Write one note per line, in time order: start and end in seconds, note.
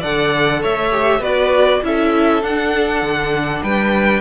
0.00 0.64 D3
0.00 0.91 A4
0.00 0.60 D5
0.00 0.63 F#5
0.61 1.19 A3
0.61 1.20 C#5
0.61 1.23 E5
0.91 1.21 G4
1.19 1.79 B3
1.19 1.82 F#4
1.19 1.80 B4
1.19 1.83 D5
1.82 2.43 C#4
1.82 2.42 E4
1.82 3.63 A4
1.82 2.43 E5
2.42 4.21 D4
2.42 3.02 D4
2.42 3.63 F#5
3.02 3.62 D3
3.63 4.21 G3
3.63 4.21 B4
3.63 4.21 G5